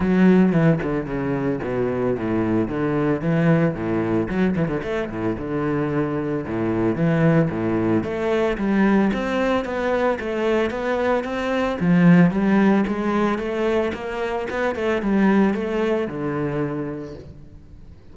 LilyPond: \new Staff \with { instrumentName = "cello" } { \time 4/4 \tempo 4 = 112 fis4 e8 d8 cis4 b,4 | a,4 d4 e4 a,4 | fis8 e16 d16 a8 a,8 d2 | a,4 e4 a,4 a4 |
g4 c'4 b4 a4 | b4 c'4 f4 g4 | gis4 a4 ais4 b8 a8 | g4 a4 d2 | }